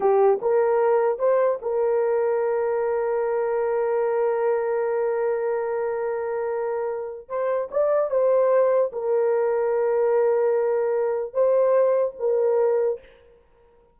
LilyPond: \new Staff \with { instrumentName = "horn" } { \time 4/4 \tempo 4 = 148 g'4 ais'2 c''4 | ais'1~ | ais'1~ | ais'1~ |
ais'2 c''4 d''4 | c''2 ais'2~ | ais'1 | c''2 ais'2 | }